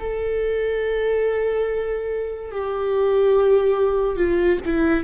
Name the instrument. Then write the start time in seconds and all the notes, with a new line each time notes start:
viola
0.00 A4
2.52 G4
4.17 F4
4.66 E4